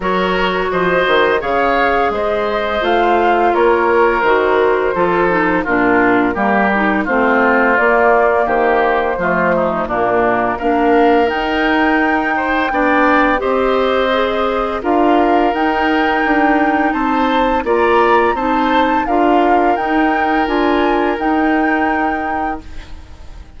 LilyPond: <<
  \new Staff \with { instrumentName = "flute" } { \time 4/4 \tempo 4 = 85 cis''4 dis''4 f''4 dis''4 | f''4 cis''4 c''2 | ais'2 c''4 d''4 | c''2 ais'4 f''4 |
g''2. dis''4~ | dis''4 f''4 g''2 | a''4 ais''4 a''4 f''4 | g''4 gis''4 g''2 | }
  \new Staff \with { instrumentName = "oboe" } { \time 4/4 ais'4 c''4 cis''4 c''4~ | c''4 ais'2 a'4 | f'4 g'4 f'2 | g'4 f'8 dis'8 d'4 ais'4~ |
ais'4. c''8 d''4 c''4~ | c''4 ais'2. | c''4 d''4 c''4 ais'4~ | ais'1 | }
  \new Staff \with { instrumentName = "clarinet" } { \time 4/4 fis'2 gis'2 | f'2 fis'4 f'8 dis'8 | d'4 ais8 dis'8 c'4 ais4~ | ais4 a4 ais4 d'4 |
dis'2 d'4 g'4 | gis'4 f'4 dis'2~ | dis'4 f'4 dis'4 f'4 | dis'4 f'4 dis'2 | }
  \new Staff \with { instrumentName = "bassoon" } { \time 4/4 fis4 f8 dis8 cis4 gis4 | a4 ais4 dis4 f4 | ais,4 g4 a4 ais4 | dis4 f4 ais,4 ais4 |
dis'2 b4 c'4~ | c'4 d'4 dis'4 d'4 | c'4 ais4 c'4 d'4 | dis'4 d'4 dis'2 | }
>>